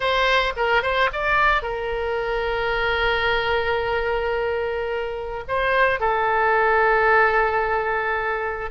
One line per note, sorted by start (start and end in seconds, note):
0.00 0.53 C5
0.56 0.82 A#4
0.82 1.09 C5
1.12 1.62 D5
1.62 5.44 A#4
5.48 6.00 C5
6.00 8.70 A4